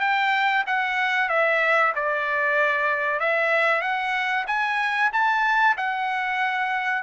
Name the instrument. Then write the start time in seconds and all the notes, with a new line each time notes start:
trumpet
0.00 G5
0.66 F#5
1.29 E5
1.95 D5
3.20 E5
3.81 F#5
4.47 G#5
5.12 A5
5.76 F#5